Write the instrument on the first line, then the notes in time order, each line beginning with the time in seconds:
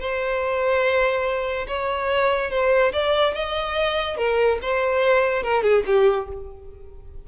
violin
0.00 C5
1.68 C#5
2.51 C5
2.93 D5
3.35 D#5
4.17 A#4
4.62 C5
5.44 A#4
5.63 G#4
5.87 G4